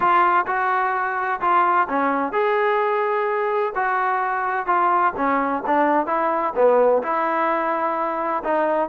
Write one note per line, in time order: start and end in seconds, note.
0.00 0.45 F4
0.46 1.40 F#4
1.40 1.87 F4
1.89 2.32 C#4
2.32 3.73 G#4
3.75 4.66 F#4
4.66 5.13 F4
5.16 5.63 C#4
5.66 6.06 D4
6.06 6.53 E4
6.55 7.02 B3
7.02 8.43 E4
8.43 8.89 D#4